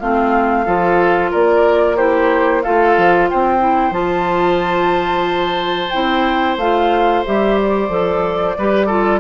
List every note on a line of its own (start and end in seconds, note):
0.00 0.66 A3
0.00 0.66 C4
0.00 0.65 F4
0.00 1.32 F5
0.65 1.32 F3
0.65 1.98 F4
0.65 1.31 A4
1.31 2.66 A#3
1.31 1.97 A#4
1.31 1.97 D5
1.97 2.63 E4
1.97 2.63 G4
1.97 2.63 C5
2.63 2.97 A3
2.63 3.60 F4
2.63 3.30 A4
2.63 3.29 F5
2.97 3.30 F3
3.29 3.91 C4
3.29 8.58 C5
3.29 3.94 G5
3.60 3.92 E4
3.91 5.89 F3
3.91 5.90 F4
3.91 5.90 A5
5.90 6.57 C4
5.90 6.59 E4
5.90 6.56 G5
6.57 7.23 A3
6.57 7.25 F4
6.57 7.25 F5
7.25 7.90 G3
7.25 7.89 G4
7.25 7.59 E5
7.62 9.20 D5
7.89 8.55 F3
7.89 8.55 A4
8.58 9.20 G3
8.58 8.89 G4
8.58 8.87 B4
8.87 9.20 F4
8.87 9.20 A4